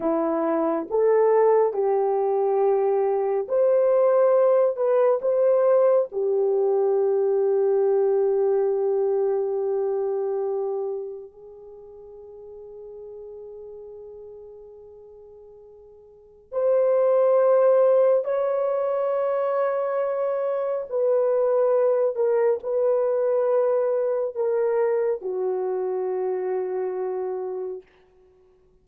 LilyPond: \new Staff \with { instrumentName = "horn" } { \time 4/4 \tempo 4 = 69 e'4 a'4 g'2 | c''4. b'8 c''4 g'4~ | g'1~ | g'4 gis'2.~ |
gis'2. c''4~ | c''4 cis''2. | b'4. ais'8 b'2 | ais'4 fis'2. | }